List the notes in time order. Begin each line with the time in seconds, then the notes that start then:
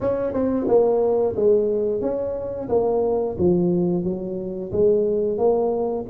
0.01 C#4
0.33 C4
0.67 A#3
1.36 G#3
2.01 C#4
2.68 A#3
3.38 F3
4.04 F#3
4.72 G#3
5.37 A#3